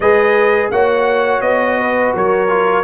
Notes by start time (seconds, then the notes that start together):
0.00 G#3 G#4 B4 D#5
0.70 A#3 F#4 C#5 F#5
1.41 B3 D#5
1.79 B4
2.14 F#3 A#4 C#5
2.48 F4